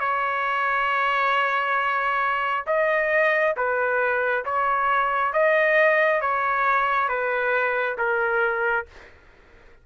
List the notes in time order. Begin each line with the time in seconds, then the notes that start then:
0.00 C#5
2.67 D#5
3.57 B4
4.45 C#5
5.33 D#5
6.21 C#5
7.09 B4
7.98 A#4